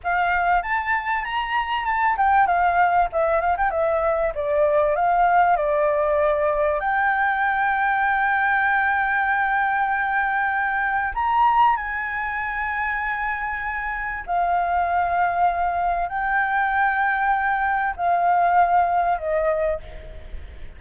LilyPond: \new Staff \with { instrumentName = "flute" } { \time 4/4 \tempo 4 = 97 f''4 a''4 ais''4 a''8 g''8 | f''4 e''8 f''16 g''16 e''4 d''4 | f''4 d''2 g''4~ | g''1~ |
g''2 ais''4 gis''4~ | gis''2. f''4~ | f''2 g''2~ | g''4 f''2 dis''4 | }